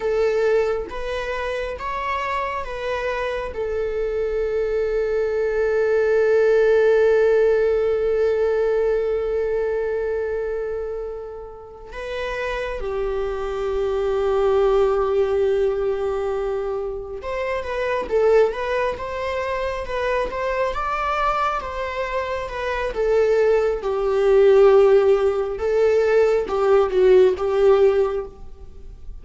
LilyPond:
\new Staff \with { instrumentName = "viola" } { \time 4/4 \tempo 4 = 68 a'4 b'4 cis''4 b'4 | a'1~ | a'1~ | a'4. b'4 g'4.~ |
g'2.~ g'8 c''8 | b'8 a'8 b'8 c''4 b'8 c''8 d''8~ | d''8 c''4 b'8 a'4 g'4~ | g'4 a'4 g'8 fis'8 g'4 | }